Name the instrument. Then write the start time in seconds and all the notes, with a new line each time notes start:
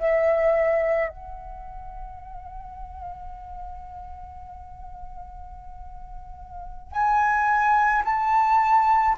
flute
0.00 E5
1.10 F#5
6.92 G#5
8.06 A5